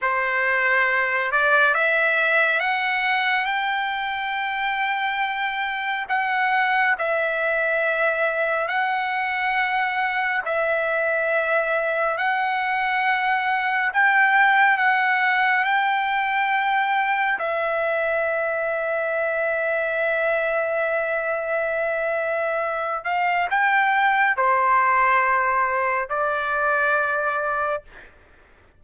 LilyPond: \new Staff \with { instrumentName = "trumpet" } { \time 4/4 \tempo 4 = 69 c''4. d''8 e''4 fis''4 | g''2. fis''4 | e''2 fis''2 | e''2 fis''2 |
g''4 fis''4 g''2 | e''1~ | e''2~ e''8 f''8 g''4 | c''2 d''2 | }